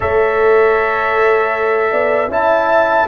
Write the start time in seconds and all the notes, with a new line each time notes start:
0.00 A3 A4 C#5 E5
1.91 B3 D5
2.27 C#4 E4 E5 A5